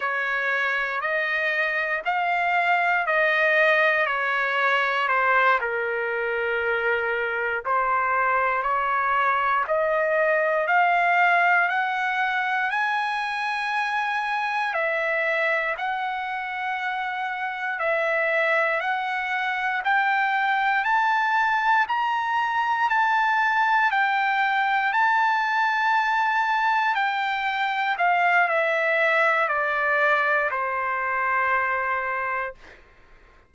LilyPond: \new Staff \with { instrumentName = "trumpet" } { \time 4/4 \tempo 4 = 59 cis''4 dis''4 f''4 dis''4 | cis''4 c''8 ais'2 c''8~ | c''8 cis''4 dis''4 f''4 fis''8~ | fis''8 gis''2 e''4 fis''8~ |
fis''4. e''4 fis''4 g''8~ | g''8 a''4 ais''4 a''4 g''8~ | g''8 a''2 g''4 f''8 | e''4 d''4 c''2 | }